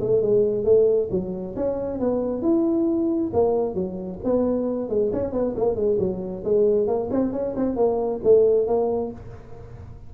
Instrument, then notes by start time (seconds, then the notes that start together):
tuba
0.00 A3
0.22 G#3
0.64 A3
1.11 F#3
1.56 C#4
2.00 B3
2.42 E4
3.33 A#3
3.75 F#3
4.24 B3
4.89 G#3
5.13 C#4
5.33 B3
5.56 A#3
5.76 G#3
5.99 F#3
6.44 G#3
6.87 A#3
7.11 C4
7.33 C#4
7.56 C4
7.76 A#3
8.24 A3
8.67 A#3